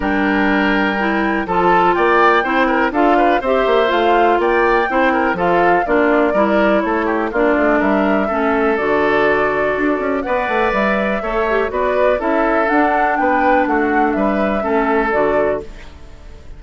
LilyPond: <<
  \new Staff \with { instrumentName = "flute" } { \time 4/4 \tempo 4 = 123 g''2. a''4 | g''2 f''4 e''4 | f''4 g''2 f''4 | d''2 cis''4 d''4 |
e''2 d''2~ | d''4 fis''4 e''2 | d''4 e''4 fis''4 g''4 | fis''4 e''2 d''4 | }
  \new Staff \with { instrumentName = "oboe" } { \time 4/4 ais'2. a'4 | d''4 c''8 ais'8 a'8 b'8 c''4~ | c''4 d''4 c''8 ais'8 a'4 | f'4 ais'4 a'8 g'8 f'4 |
ais'4 a'2.~ | a'4 d''2 cis''4 | b'4 a'2 b'4 | fis'4 b'4 a'2 | }
  \new Staff \with { instrumentName = "clarinet" } { \time 4/4 d'2 e'4 f'4~ | f'4 e'4 f'4 g'4 | f'2 e'4 f'4 | d'4 e'2 d'4~ |
d'4 cis'4 fis'2~ | fis'4 b'2 a'8 g'8 | fis'4 e'4 d'2~ | d'2 cis'4 fis'4 | }
  \new Staff \with { instrumentName = "bassoon" } { \time 4/4 g2. f4 | ais4 c'4 d'4 c'8 ais8 | a4 ais4 c'4 f4 | ais4 g4 a4 ais8 a8 |
g4 a4 d2 | d'8 cis'8 b8 a8 g4 a4 | b4 cis'4 d'4 b4 | a4 g4 a4 d4 | }
>>